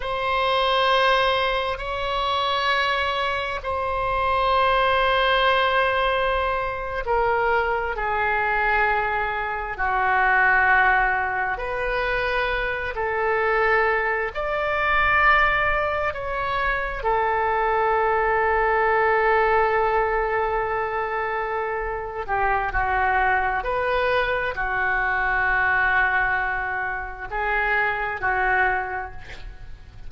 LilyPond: \new Staff \with { instrumentName = "oboe" } { \time 4/4 \tempo 4 = 66 c''2 cis''2 | c''2.~ c''8. ais'16~ | ais'8. gis'2 fis'4~ fis'16~ | fis'8. b'4. a'4. d''16~ |
d''4.~ d''16 cis''4 a'4~ a'16~ | a'1~ | a'8 g'8 fis'4 b'4 fis'4~ | fis'2 gis'4 fis'4 | }